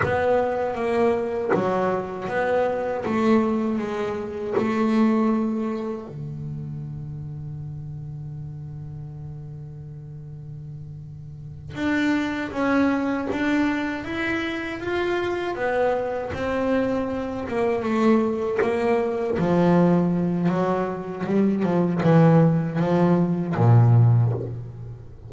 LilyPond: \new Staff \with { instrumentName = "double bass" } { \time 4/4 \tempo 4 = 79 b4 ais4 fis4 b4 | a4 gis4 a2 | d1~ | d2.~ d8 d'8~ |
d'8 cis'4 d'4 e'4 f'8~ | f'8 b4 c'4. ais8 a8~ | a8 ais4 f4. fis4 | g8 f8 e4 f4 ais,4 | }